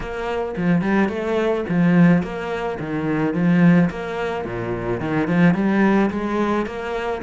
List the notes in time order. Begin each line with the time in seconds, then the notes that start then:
0.00 A#3
0.57 F3
0.81 G3
1.08 A3
1.68 F3
2.22 A#3
2.79 D#3
3.34 F3
3.89 A#3
4.44 A#2
5.00 D#3
5.27 F3
5.54 G3
6.10 G#3
6.65 A#3